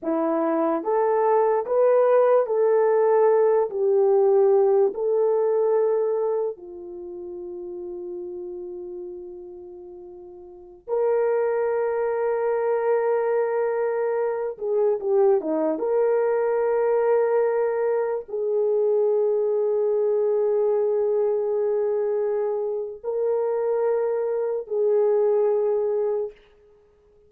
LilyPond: \new Staff \with { instrumentName = "horn" } { \time 4/4 \tempo 4 = 73 e'4 a'4 b'4 a'4~ | a'8 g'4. a'2 | f'1~ | f'4~ f'16 ais'2~ ais'8.~ |
ais'4.~ ais'16 gis'8 g'8 dis'8 ais'8.~ | ais'2~ ais'16 gis'4.~ gis'16~ | gis'1 | ais'2 gis'2 | }